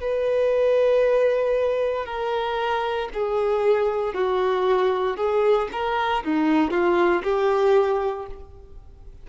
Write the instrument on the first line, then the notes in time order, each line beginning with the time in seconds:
violin
0.00 B4
2.05 A#4
3.13 G#4
4.14 F#4
5.16 G#4
5.72 A#4
6.24 D#4
6.71 F4
7.23 G4